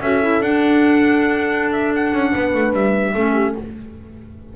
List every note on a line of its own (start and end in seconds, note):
0.00 0.40 C#4
0.00 0.22 F#4
0.00 2.33 A4
0.00 0.42 E5
0.22 0.42 E4
0.40 2.12 D4
0.40 3.14 D4
0.40 1.72 F#5
1.72 1.92 E5
1.95 2.74 F#5
2.12 2.33 C#4
2.33 2.54 B3
2.33 3.14 B4
2.54 2.73 A3
2.73 3.13 G3
2.73 3.55 E5
3.14 3.55 A3
3.14 3.55 C#4
3.14 3.33 A4
3.33 3.53 G4